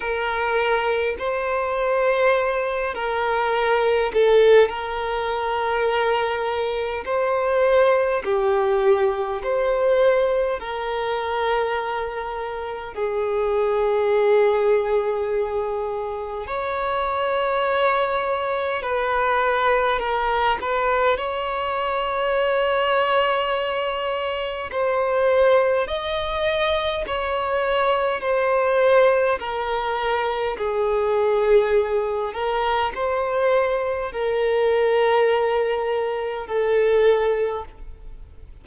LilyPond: \new Staff \with { instrumentName = "violin" } { \time 4/4 \tempo 4 = 51 ais'4 c''4. ais'4 a'8 | ais'2 c''4 g'4 | c''4 ais'2 gis'4~ | gis'2 cis''2 |
b'4 ais'8 b'8 cis''2~ | cis''4 c''4 dis''4 cis''4 | c''4 ais'4 gis'4. ais'8 | c''4 ais'2 a'4 | }